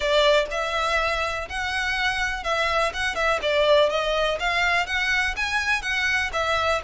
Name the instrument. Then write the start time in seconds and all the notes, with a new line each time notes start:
violin
0.00 D5
0.51 E5
1.49 F#5
2.43 E5
2.93 F#5
3.15 E5
3.41 D5
3.89 D#5
4.39 F5
4.86 F#5
5.36 G#5
5.82 F#5
6.33 E5